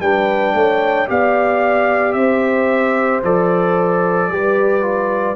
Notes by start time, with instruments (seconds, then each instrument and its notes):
0.00 tuba G3, trombone D4, horn B4, trumpet G5
0.53 tuba A3, horn C#5
1.07 tuba B3, trombone G4, horn D5, trumpet F5
2.12 tuba C4, horn C5, trumpet E5
3.23 tuba F3, trombone A4, trumpet D5
4.28 tuba G3, trombone G4, horn B4
4.81 trombone F4